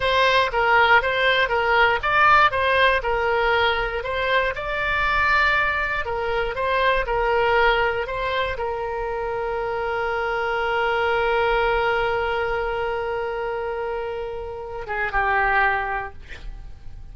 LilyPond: \new Staff \with { instrumentName = "oboe" } { \time 4/4 \tempo 4 = 119 c''4 ais'4 c''4 ais'4 | d''4 c''4 ais'2 | c''4 d''2. | ais'4 c''4 ais'2 |
c''4 ais'2.~ | ais'1~ | ais'1~ | ais'4. gis'8 g'2 | }